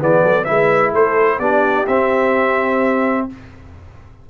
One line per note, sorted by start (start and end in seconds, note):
0.00 0.23 E3
0.00 0.46 B3
0.00 0.23 G#4
0.00 0.44 D5
0.23 0.46 F#3
0.23 0.47 A4
0.44 0.94 G#3
0.44 1.40 E4
0.44 0.92 B4
0.44 0.91 E5
0.92 1.39 A3
0.92 1.39 A4
0.92 1.39 C5
1.39 1.85 B3
1.39 1.87 D4
1.39 3.26 G4
1.39 1.86 D5
1.87 3.28 C4
1.87 3.29 C4
1.87 3.27 E5